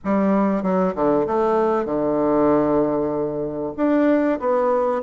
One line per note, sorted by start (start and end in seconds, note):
0.04 0.62 G3
0.62 0.94 F#3
0.95 1.26 D3
1.26 1.85 A3
1.85 3.72 D3
3.76 4.39 D4
4.39 5.02 B3